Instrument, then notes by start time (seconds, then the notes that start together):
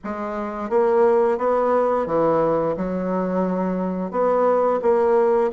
bassoon
0.04 G#3
0.69 A#3
1.38 B3
2.06 E3
2.76 F#3
4.11 B3
4.82 A#3